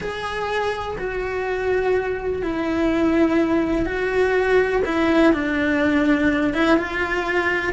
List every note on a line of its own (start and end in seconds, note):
0.00 0.97 G#4
0.97 2.42 F#4
2.42 3.85 E4
3.85 4.82 F#4
4.85 5.33 E4
5.33 6.53 D4
6.53 6.77 E4
6.77 7.73 F4